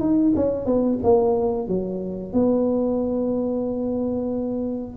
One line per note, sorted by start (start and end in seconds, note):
0.00 0.33 D#4
0.36 0.66 C#4
0.66 0.99 B3
1.03 1.68 A#3
1.68 2.33 F#3
2.33 4.96 B3